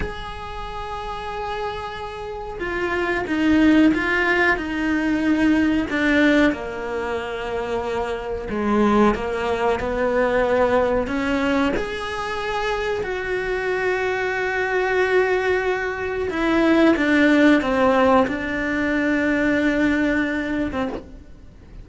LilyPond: \new Staff \with { instrumentName = "cello" } { \time 4/4 \tempo 4 = 92 gis'1 | f'4 dis'4 f'4 dis'4~ | dis'4 d'4 ais2~ | ais4 gis4 ais4 b4~ |
b4 cis'4 gis'2 | fis'1~ | fis'4 e'4 d'4 c'4 | d'2.~ d'8. c'16 | }